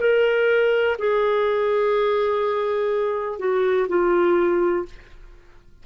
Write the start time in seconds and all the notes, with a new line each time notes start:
0.00 A#4
0.98 G#4
3.39 F#4
3.88 F4